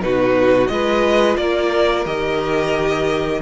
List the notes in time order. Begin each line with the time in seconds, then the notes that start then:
0.00 B2 D#4 F#4 B4
0.67 G#3 F4 B4 D#5
1.36 A#3 A#4 D5
2.05 D#3 G4 D#5